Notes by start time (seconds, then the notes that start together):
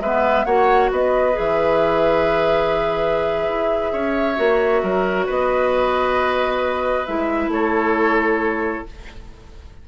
0.00 G#3 B3 B4 E5
0.44 A#3 F#4 C#5 F#5
0.90 B3 B4 D#5
1.33 E3 G#4 E5
3.48 E4
3.92 C#4 C#5
4.36 A#3 F#4
4.82 F#3 A#4
5.26 B3 B4 D#5
7.06 G#3 E4 E5
7.48 A3 A4 C#5